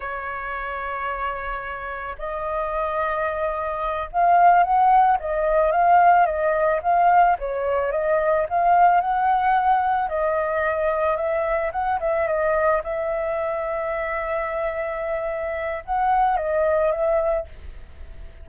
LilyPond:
\new Staff \with { instrumentName = "flute" } { \time 4/4 \tempo 4 = 110 cis''1 | dis''2.~ dis''8 f''8~ | f''8 fis''4 dis''4 f''4 dis''8~ | dis''8 f''4 cis''4 dis''4 f''8~ |
f''8 fis''2 dis''4.~ | dis''8 e''4 fis''8 e''8 dis''4 e''8~ | e''1~ | e''4 fis''4 dis''4 e''4 | }